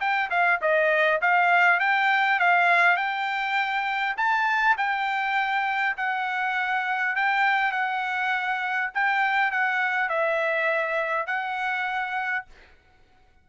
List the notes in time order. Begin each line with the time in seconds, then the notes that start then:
0.00 G5
0.30 F5
0.61 D#5
1.21 F5
1.80 G5
2.39 F5
2.97 G5
4.17 A5
4.77 G5
5.97 F#5
7.16 G5
7.72 F#5
8.94 G5
9.51 F#5
10.09 E5
11.27 F#5